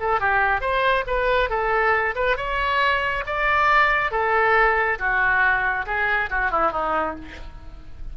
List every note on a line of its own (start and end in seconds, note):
0.00 0.20 A4
0.20 0.61 G4
0.61 1.05 C5
1.07 1.50 B4
1.50 2.15 A4
2.15 2.37 B4
2.37 3.24 C#5
3.26 4.11 D5
4.11 4.98 A4
4.99 5.86 F#4
5.86 6.30 G#4
6.30 6.51 F#4
6.51 6.72 E4
6.72 7.15 D#4